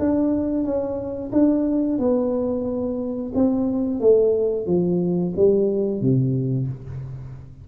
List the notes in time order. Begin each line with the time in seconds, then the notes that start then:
0.00 D4
0.65 C#4
1.33 D4
1.99 B3
3.35 C4
4.01 A3
4.67 F3
5.37 G3
6.02 C3